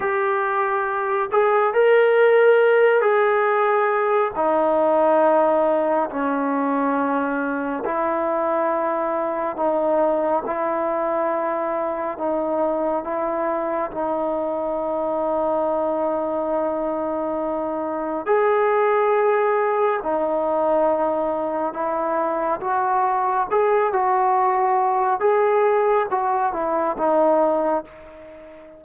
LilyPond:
\new Staff \with { instrumentName = "trombone" } { \time 4/4 \tempo 4 = 69 g'4. gis'8 ais'4. gis'8~ | gis'4 dis'2 cis'4~ | cis'4 e'2 dis'4 | e'2 dis'4 e'4 |
dis'1~ | dis'4 gis'2 dis'4~ | dis'4 e'4 fis'4 gis'8 fis'8~ | fis'4 gis'4 fis'8 e'8 dis'4 | }